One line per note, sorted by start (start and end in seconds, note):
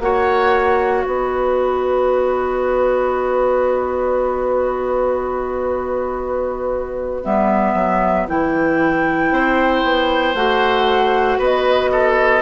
0.00 1.03 A#3
0.00 7.25 F#4
0.00 1.06 C#5
0.00 1.04 F#5
1.04 7.25 B3
1.04 9.33 B4
1.04 7.24 D#5
7.24 7.74 G3
7.24 8.28 B3
7.24 8.27 E5
7.74 8.26 F#3
8.28 9.31 E3
8.28 10.35 E4
8.28 10.36 G5
9.31 9.83 C4
9.31 11.39 C5
9.83 10.34 B3
10.34 11.38 A3
10.34 12.42 F#4
10.34 11.39 F#5
11.39 12.42 B3
11.39 11.90 B4
11.39 12.42 D#5
11.92 12.42 A4